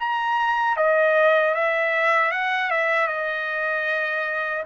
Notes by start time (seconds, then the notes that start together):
0.00 A#5
0.77 D#5
1.55 E5
2.32 F#5
2.71 E5
3.07 D#5